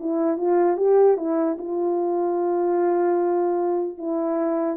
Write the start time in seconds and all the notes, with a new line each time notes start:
0.00 E4
0.38 F4
0.77 G4
1.17 E4
1.59 F4
3.98 E4